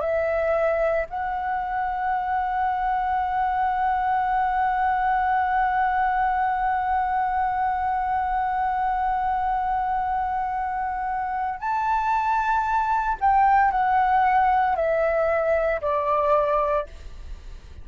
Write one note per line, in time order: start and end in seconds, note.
0.00 1.05 E5
1.09 11.59 F#5
11.59 13.17 A5
13.21 13.71 G5
13.71 14.75 F#5
14.75 15.80 E5
15.81 16.87 D5